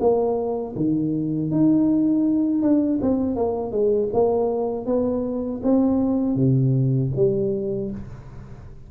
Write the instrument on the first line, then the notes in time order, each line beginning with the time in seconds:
tuba
0.00 A#3
0.76 D#3
1.51 D#4
2.62 D4
3.01 C4
3.36 A#3
3.72 G#3
4.13 A#3
4.86 B3
5.63 C4
6.36 C3
7.16 G3